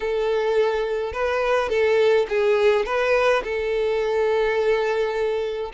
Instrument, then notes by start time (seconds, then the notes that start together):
violin
0.00 A4
1.12 B4
1.69 A4
2.28 G#4
2.85 B4
3.43 A4